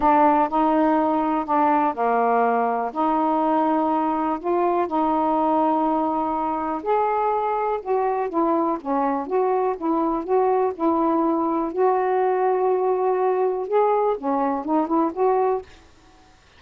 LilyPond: \new Staff \with { instrumentName = "saxophone" } { \time 4/4 \tempo 4 = 123 d'4 dis'2 d'4 | ais2 dis'2~ | dis'4 f'4 dis'2~ | dis'2 gis'2 |
fis'4 e'4 cis'4 fis'4 | e'4 fis'4 e'2 | fis'1 | gis'4 cis'4 dis'8 e'8 fis'4 | }